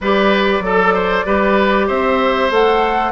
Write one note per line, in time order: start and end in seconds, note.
0.00 0.60 G3
0.00 0.63 G4
0.00 0.63 B4
0.00 1.88 D5
0.60 1.22 F#3
0.60 1.25 A4
0.60 0.94 A4
0.94 1.25 C5
1.25 1.89 G3
1.25 2.50 G4
1.25 1.87 B4
1.87 2.50 C4
1.87 3.11 C5
1.87 2.50 E5
2.50 3.11 A3
2.50 3.11 A4
2.50 3.11 F#5